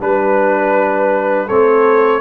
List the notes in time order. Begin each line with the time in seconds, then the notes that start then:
0.00 G3 D4 B4
1.46 A3 C4 A4 C#5